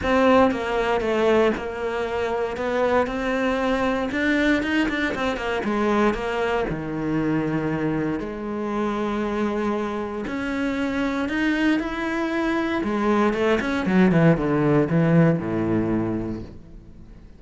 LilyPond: \new Staff \with { instrumentName = "cello" } { \time 4/4 \tempo 4 = 117 c'4 ais4 a4 ais4~ | ais4 b4 c'2 | d'4 dis'8 d'8 c'8 ais8 gis4 | ais4 dis2. |
gis1 | cis'2 dis'4 e'4~ | e'4 gis4 a8 cis'8 fis8 e8 | d4 e4 a,2 | }